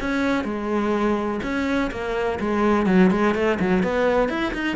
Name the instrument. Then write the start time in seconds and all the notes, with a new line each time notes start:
cello
0.00 C#4
0.44 G#3
1.42 C#4
1.91 A#3
2.40 G#3
2.86 F#3
3.10 G#3
3.34 A3
3.60 F#3
3.82 B3
4.29 E4
4.53 D#4